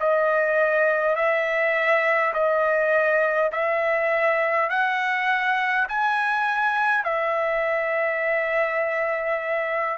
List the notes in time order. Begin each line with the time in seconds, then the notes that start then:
0.00 D#5
1.16 E5
2.34 D#5
3.52 E5
4.70 F#5
5.89 G#5
7.04 E5